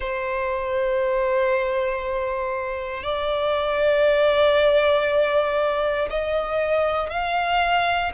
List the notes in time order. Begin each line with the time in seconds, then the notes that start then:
0.00 C5
3.03 D5
6.10 D#5
7.10 F5